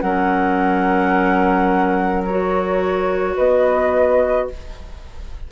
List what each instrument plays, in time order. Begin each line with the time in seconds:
0.00 bassoon F#3, clarinet C#4, flute A#4 F#5
2.24 clarinet F#4, flute C#5
3.35 bassoon B3, flute B4 D#5